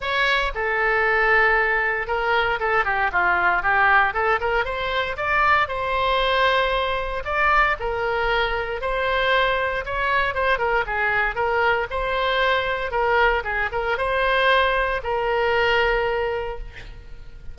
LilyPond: \new Staff \with { instrumentName = "oboe" } { \time 4/4 \tempo 4 = 116 cis''4 a'2. | ais'4 a'8 g'8 f'4 g'4 | a'8 ais'8 c''4 d''4 c''4~ | c''2 d''4 ais'4~ |
ais'4 c''2 cis''4 | c''8 ais'8 gis'4 ais'4 c''4~ | c''4 ais'4 gis'8 ais'8 c''4~ | c''4 ais'2. | }